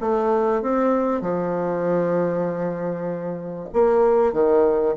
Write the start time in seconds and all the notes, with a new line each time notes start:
0.00 A3
0.62 C4
1.21 F3
3.73 A#3
4.33 D#3